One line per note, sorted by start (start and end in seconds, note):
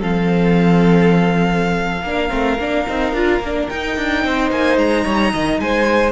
0.00 2.02 F3
0.00 2.05 C4
0.00 2.05 A4
0.00 3.69 F5
2.02 2.29 A#3
2.02 2.30 D4
2.10 4.25 A#4
2.30 2.59 A3
2.30 2.57 C4
2.59 2.86 A#3
2.59 2.88 D4
2.89 3.13 C4
2.89 3.16 D#4
3.13 3.40 D4
3.13 3.43 F4
3.41 3.68 A#3
3.41 3.71 D4
3.69 3.97 D#4
3.69 6.12 D#4
3.69 4.51 G5
3.97 4.25 D4
4.25 4.51 C4
4.25 5.05 C5
4.51 4.77 A#3
4.51 4.78 G#5
4.77 5.05 G#3
4.77 5.60 A#5
5.05 5.34 G3
5.05 5.32 C#5
5.34 5.60 D#3
5.34 5.61 D#5
5.60 6.12 G#3
5.60 6.12 C5
5.60 6.12 G#5